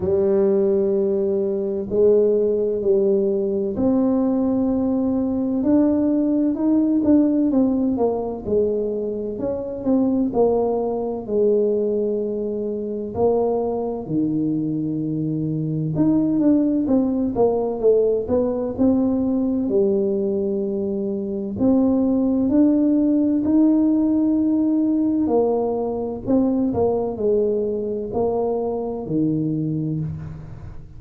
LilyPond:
\new Staff \with { instrumentName = "tuba" } { \time 4/4 \tempo 4 = 64 g2 gis4 g4 | c'2 d'4 dis'8 d'8 | c'8 ais8 gis4 cis'8 c'8 ais4 | gis2 ais4 dis4~ |
dis4 dis'8 d'8 c'8 ais8 a8 b8 | c'4 g2 c'4 | d'4 dis'2 ais4 | c'8 ais8 gis4 ais4 dis4 | }